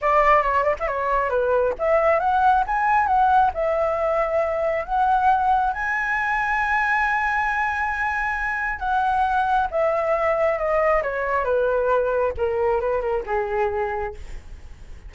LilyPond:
\new Staff \with { instrumentName = "flute" } { \time 4/4 \tempo 4 = 136 d''4 cis''8 d''16 e''16 cis''4 b'4 | e''4 fis''4 gis''4 fis''4 | e''2. fis''4~ | fis''4 gis''2.~ |
gis''1 | fis''2 e''2 | dis''4 cis''4 b'2 | ais'4 b'8 ais'8 gis'2 | }